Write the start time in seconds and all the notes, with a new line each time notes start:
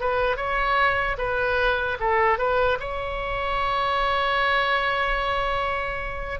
0.00 B4
0.36 C#5
1.18 B4
2.00 A4
2.38 B4
2.80 C#5